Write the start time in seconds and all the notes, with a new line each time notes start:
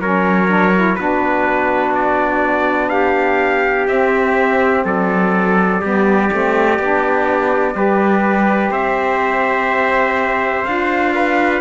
0.00 F#3 C#4 A#4 C#5
0.48 D4
0.75 E4
0.96 B3 D4 F#4 B4
1.95 D5
2.89 G4 F5
3.88 C4 E5
4.85 F#3 A4 D5
5.81 G3 B3 G4
6.30 A3 C4
6.79 B3 D4
7.74 G3 G4 B4
8.71 C4 C5 E5
10.65 D4 F4 F5
11.15 B4